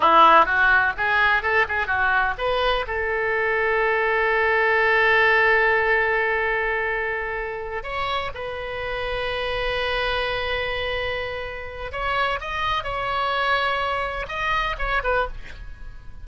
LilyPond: \new Staff \with { instrumentName = "oboe" } { \time 4/4 \tempo 4 = 126 e'4 fis'4 gis'4 a'8 gis'8 | fis'4 b'4 a'2~ | a'1~ | a'1~ |
a'8 cis''4 b'2~ b'8~ | b'1~ | b'4 cis''4 dis''4 cis''4~ | cis''2 dis''4 cis''8 b'8 | }